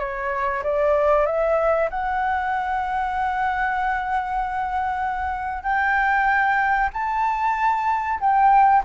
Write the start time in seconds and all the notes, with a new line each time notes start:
0.00 C#5
0.63 D5
1.27 E5
1.90 F#5
5.64 G5
6.94 A5
8.20 G5